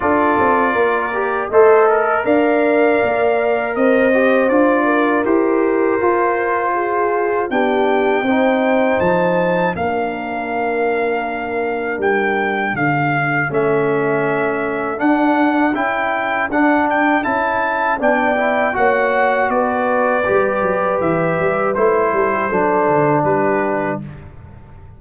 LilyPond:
<<
  \new Staff \with { instrumentName = "trumpet" } { \time 4/4 \tempo 4 = 80 d''2 c''8 ais'8 f''4~ | f''4 dis''4 d''4 c''4~ | c''2 g''2 | a''4 f''2. |
g''4 f''4 e''2 | fis''4 g''4 fis''8 g''8 a''4 | g''4 fis''4 d''2 | e''4 c''2 b'4 | }
  \new Staff \with { instrumentName = "horn" } { \time 4/4 a'4 ais'4 dis''4 d''4~ | d''4 c''4. ais'4.~ | ais'4 gis'4 g'4 c''4~ | c''4 ais'2.~ |
ais'4 a'2.~ | a'1 | d''4 cis''4 b'2~ | b'4. a'16 g'16 a'4 g'4 | }
  \new Staff \with { instrumentName = "trombone" } { \time 4/4 f'4. g'8 a'4 ais'4~ | ais'4. g'8 f'4 g'4 | f'2 d'4 dis'4~ | dis'4 d'2.~ |
d'2 cis'2 | d'4 e'4 d'4 e'4 | d'8 e'8 fis'2 g'4~ | g'4 e'4 d'2 | }
  \new Staff \with { instrumentName = "tuba" } { \time 4/4 d'8 c'8 ais4 a4 d'4 | ais4 c'4 d'4 e'4 | f'2 b4 c'4 | f4 ais2. |
g4 d4 a2 | d'4 cis'4 d'4 cis'4 | b4 ais4 b4 g8 fis8 | e8 g8 a8 g8 fis8 d8 g4 | }
>>